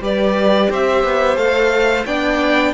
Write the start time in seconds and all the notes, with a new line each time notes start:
0.00 G3 G4 B4 D5
0.70 C4 C5 E5
1.04 B3
1.37 A3 A4 F5
2.06 B3 D4 D5 G5